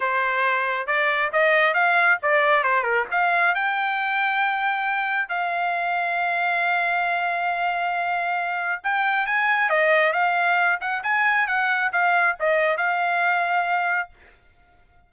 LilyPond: \new Staff \with { instrumentName = "trumpet" } { \time 4/4 \tempo 4 = 136 c''2 d''4 dis''4 | f''4 d''4 c''8 ais'8 f''4 | g''1 | f''1~ |
f''1 | g''4 gis''4 dis''4 f''4~ | f''8 fis''8 gis''4 fis''4 f''4 | dis''4 f''2. | }